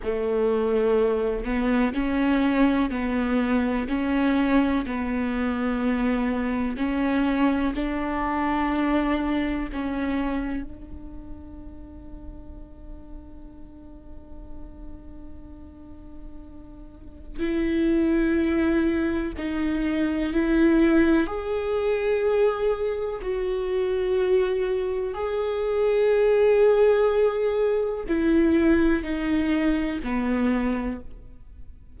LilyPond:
\new Staff \with { instrumentName = "viola" } { \time 4/4 \tempo 4 = 62 a4. b8 cis'4 b4 | cis'4 b2 cis'4 | d'2 cis'4 d'4~ | d'1~ |
d'2 e'2 | dis'4 e'4 gis'2 | fis'2 gis'2~ | gis'4 e'4 dis'4 b4 | }